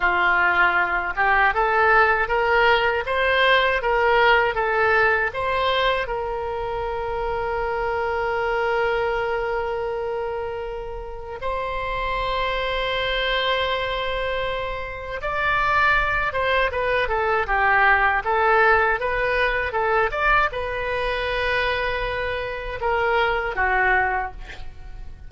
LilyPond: \new Staff \with { instrumentName = "oboe" } { \time 4/4 \tempo 4 = 79 f'4. g'8 a'4 ais'4 | c''4 ais'4 a'4 c''4 | ais'1~ | ais'2. c''4~ |
c''1 | d''4. c''8 b'8 a'8 g'4 | a'4 b'4 a'8 d''8 b'4~ | b'2 ais'4 fis'4 | }